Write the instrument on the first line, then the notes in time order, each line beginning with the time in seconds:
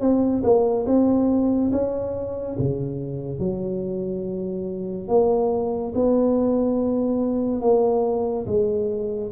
tuba
0.00 C4
0.43 A#3
0.86 C4
1.72 C#4
2.59 C#3
3.39 F#3
5.08 A#3
5.94 B3
7.61 A#3
8.46 G#3